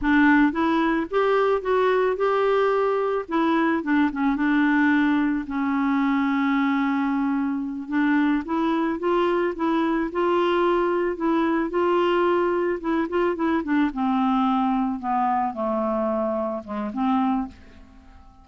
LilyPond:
\new Staff \with { instrumentName = "clarinet" } { \time 4/4 \tempo 4 = 110 d'4 e'4 g'4 fis'4 | g'2 e'4 d'8 cis'8 | d'2 cis'2~ | cis'2~ cis'8 d'4 e'8~ |
e'8 f'4 e'4 f'4.~ | f'8 e'4 f'2 e'8 | f'8 e'8 d'8 c'2 b8~ | b8 a2 gis8 c'4 | }